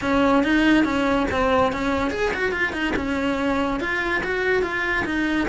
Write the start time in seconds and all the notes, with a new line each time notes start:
0.01 C#4
0.43 D#4
0.84 C#4
1.31 C4
1.72 C#4
2.10 G#4
2.33 F#4
2.52 F4
2.72 D#4
2.95 C#4
3.79 F4
4.23 F#4
4.62 F4
5.05 D#4